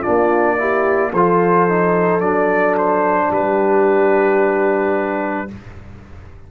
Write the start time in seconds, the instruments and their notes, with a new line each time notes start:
0.00 trombone D4, horn F4, trumpet D5
0.08 tuba A#3
0.58 trombone E4, horn G4
1.11 tuba F3, trombone F4, horn A4, trumpet C5
1.69 trombone D#4
2.20 tuba F#3, trombone D4, trumpet D5
2.78 trumpet C5
3.30 tuba G3, horn G4, trumpet B4